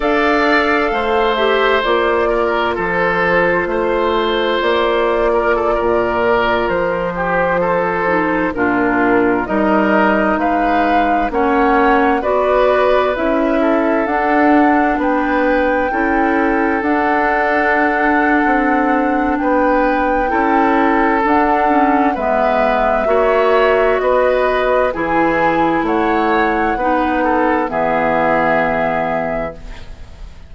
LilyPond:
<<
  \new Staff \with { instrumentName = "flute" } { \time 4/4 \tempo 4 = 65 f''4. e''8 d''4 c''4~ | c''4 d''2~ d''16 c''8.~ | c''4~ c''16 ais'4 dis''4 f''8.~ | f''16 fis''4 d''4 e''4 fis''8.~ |
fis''16 g''2 fis''4.~ fis''16~ | fis''4 g''2 fis''4 | e''2 dis''4 gis''4 | fis''2 e''2 | }
  \new Staff \with { instrumentName = "oboe" } { \time 4/4 d''4 c''4. ais'8 a'4 | c''4.~ c''16 ais'16 a'16 ais'4. g'16~ | g'16 a'4 f'4 ais'4 b'8.~ | b'16 cis''4 b'4. a'4~ a'16~ |
a'16 b'4 a'2~ a'8.~ | a'4 b'4 a'2 | b'4 cis''4 b'4 gis'4 | cis''4 b'8 a'8 gis'2 | }
  \new Staff \with { instrumentName = "clarinet" } { \time 4/4 a'4. g'8 f'2~ | f'1~ | f'8. dis'8 d'4 dis'4.~ dis'16~ | dis'16 cis'4 fis'4 e'4 d'8.~ |
d'4~ d'16 e'4 d'4.~ d'16~ | d'2 e'4 d'8 cis'8 | b4 fis'2 e'4~ | e'4 dis'4 b2 | }
  \new Staff \with { instrumentName = "bassoon" } { \time 4/4 d'4 a4 ais4 f4 | a4 ais4~ ais16 ais,4 f8.~ | f4~ f16 ais,4 g4 gis8.~ | gis16 ais4 b4 cis'4 d'8.~ |
d'16 b4 cis'4 d'4.~ d'16 | c'4 b4 cis'4 d'4 | gis4 ais4 b4 e4 | a4 b4 e2 | }
>>